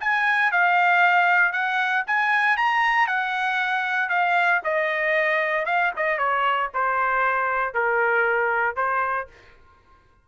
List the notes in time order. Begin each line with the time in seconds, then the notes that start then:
0.00 G#5
0.52 F5
1.53 F#5
2.07 G#5
2.57 A#5
3.08 F#5
4.10 F5
4.64 D#5
5.66 F5
5.97 D#5
6.18 C#5
6.74 C5
7.74 A#4
8.76 C5